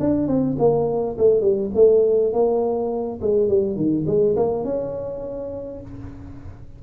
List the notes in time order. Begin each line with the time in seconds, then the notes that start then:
0.00 D4
0.28 C4
0.59 A#3
1.19 A3
1.41 G3
1.75 A3
2.33 A#3
3.21 G#3
3.49 G3
3.77 D#3
4.07 G#3
4.36 A#3
4.65 C#4